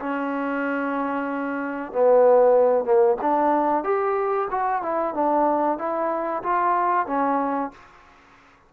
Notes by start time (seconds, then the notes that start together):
0.00 C#4
1.93 B3
2.85 A#3
3.22 D4
3.84 G4
4.51 F#4
4.83 E4
5.15 D4
5.79 E4
6.43 F4
7.07 C#4